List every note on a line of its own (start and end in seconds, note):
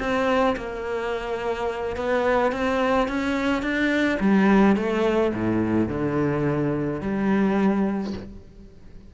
0.00 0.56 C4
0.57 1.97 A#3
1.97 2.53 B3
2.53 3.08 C4
3.08 3.63 C#4
3.63 4.19 D4
4.21 4.77 G3
4.77 5.33 A3
5.35 5.89 A2
5.89 7.01 D3
7.01 8.14 G3